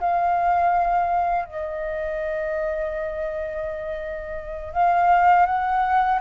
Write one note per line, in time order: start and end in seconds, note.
0.00 1.45 F5
1.45 4.73 D#5
4.73 5.46 F5
5.46 6.19 F#5